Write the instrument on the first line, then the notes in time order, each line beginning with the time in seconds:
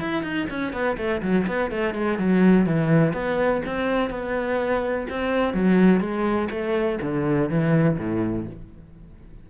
cello
0.00 E4
0.23 D#4
0.50 C#4
0.73 B3
0.97 A3
1.22 F#3
1.47 B3
1.71 A3
1.94 G#3
2.18 F#3
2.66 E3
3.13 B3
3.66 C4
4.10 B3
5.09 C4
5.54 F#3
6.00 G#3
6.50 A3
7.01 D3
7.49 E3
7.98 A2